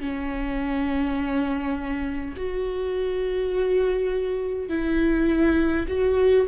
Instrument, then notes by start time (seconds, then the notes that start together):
viola
0.00 C#4
2.36 F#4
4.69 E4
5.88 F#4